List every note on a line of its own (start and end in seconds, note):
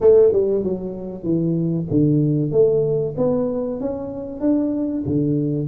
0.01 0.32 A3
0.32 0.63 G3
0.63 1.23 F#3
1.23 1.86 E3
1.90 2.51 D3
2.51 3.14 A3
3.17 3.80 B3
3.80 4.40 C#4
4.40 5.03 D4
5.06 5.67 D3